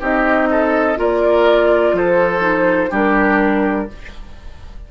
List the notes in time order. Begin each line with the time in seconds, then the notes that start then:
0.00 C4 D#4 G4 D#5
0.51 A4
0.96 A#3 F4 A#4 D5
1.92 F3 A4 C5
2.39 D#4
2.90 G3 D4 G4 A#4